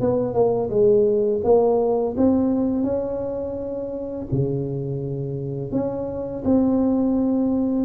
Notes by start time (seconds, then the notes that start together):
0.00 B3
0.34 A#3
0.69 G#3
1.44 A#3
2.17 C4
2.83 C#4
4.31 C#3
5.72 C#4
6.44 C4